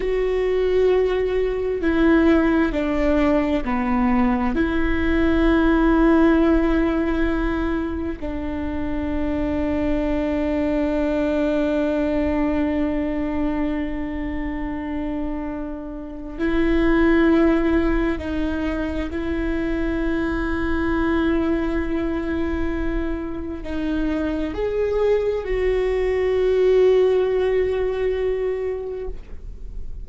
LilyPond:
\new Staff \with { instrumentName = "viola" } { \time 4/4 \tempo 4 = 66 fis'2 e'4 d'4 | b4 e'2.~ | e'4 d'2.~ | d'1~ |
d'2 e'2 | dis'4 e'2.~ | e'2 dis'4 gis'4 | fis'1 | }